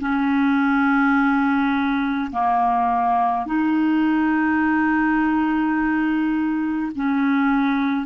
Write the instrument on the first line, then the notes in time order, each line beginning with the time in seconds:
clarinet
0.00 C#4
2.31 A#3
3.46 D#4
6.95 C#4